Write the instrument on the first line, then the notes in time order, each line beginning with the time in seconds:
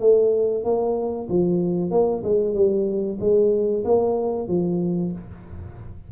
tuba
0.00 A3
0.64 A#3
1.29 F3
1.91 A#3
2.24 G#3
2.54 G3
3.20 G#3
3.84 A#3
4.48 F3